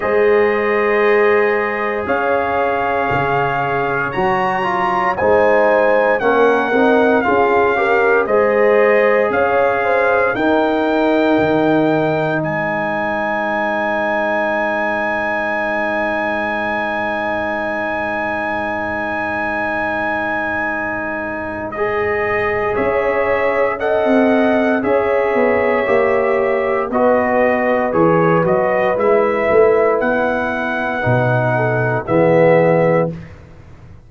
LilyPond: <<
  \new Staff \with { instrumentName = "trumpet" } { \time 4/4 \tempo 4 = 58 dis''2 f''2 | ais''4 gis''4 fis''4 f''4 | dis''4 f''4 g''2 | gis''1~ |
gis''1~ | gis''4 dis''4 e''4 fis''4 | e''2 dis''4 cis''8 dis''8 | e''4 fis''2 e''4 | }
  \new Staff \with { instrumentName = "horn" } { \time 4/4 c''2 cis''2~ | cis''4 c''4 ais'4 gis'8 ais'8 | c''4 cis''8 c''8 ais'2 | c''1~ |
c''1~ | c''2 cis''4 dis''4 | cis''2 b'2~ | b'2~ b'8 a'8 gis'4 | }
  \new Staff \with { instrumentName = "trombone" } { \time 4/4 gis'1 | fis'8 f'8 dis'4 cis'8 dis'8 f'8 g'8 | gis'2 dis'2~ | dis'1~ |
dis'1~ | dis'4 gis'2 a'4 | gis'4 g'4 fis'4 gis'8 fis'8 | e'2 dis'4 b4 | }
  \new Staff \with { instrumentName = "tuba" } { \time 4/4 gis2 cis'4 cis4 | fis4 gis4 ais8 c'8 cis'4 | gis4 cis'4 dis'4 dis4 | gis1~ |
gis1~ | gis2 cis'4~ cis'16 c'8. | cis'8 b8 ais4 b4 e8 fis8 | gis8 a8 b4 b,4 e4 | }
>>